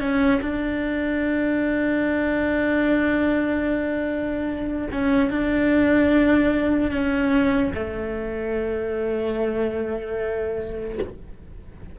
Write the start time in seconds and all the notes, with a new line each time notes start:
0.00 C#4
0.42 D4
4.91 C#4
5.30 D4
6.91 C#4
7.74 A3